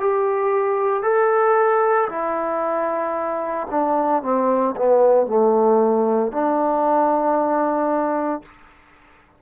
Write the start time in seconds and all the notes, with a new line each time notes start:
0.00 G4
1.03 A4
2.10 E4
3.71 D4
4.23 C4
4.76 B3
5.27 A3
6.32 D4